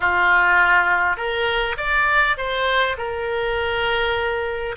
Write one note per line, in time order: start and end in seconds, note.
0.00 1.16 F4
1.16 1.76 A#4
1.77 2.36 D5
2.37 2.96 C5
2.97 4.75 A#4